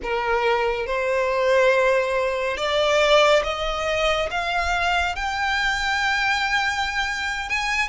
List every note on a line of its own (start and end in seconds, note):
0.02 0.86 A#4
0.86 2.57 C5
2.57 3.42 D5
3.43 4.29 D#5
4.31 5.15 F5
5.15 7.49 G5
7.49 7.88 G#5